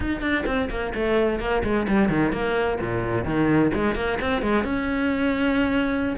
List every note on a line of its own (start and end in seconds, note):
0.00 0.21 D#4
0.21 0.44 D4
0.46 0.69 C4
0.70 0.93 A#3
0.95 1.39 A3
1.39 1.62 A#3
1.63 1.86 G#3
1.87 2.09 G3
2.09 2.32 D#3
2.32 2.78 A#3
2.80 3.24 A#2
3.24 3.71 D#3
3.74 3.95 G#3
3.95 4.18 A#3
4.20 4.42 C4
4.42 4.64 G#3
4.64 6.15 C#4